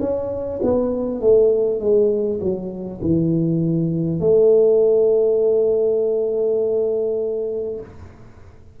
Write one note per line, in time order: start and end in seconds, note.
0.00 0.60 C#4
0.62 1.21 B3
1.21 1.80 A3
1.80 2.40 G#3
2.40 3.00 F#3
3.01 4.20 E3
4.20 7.80 A3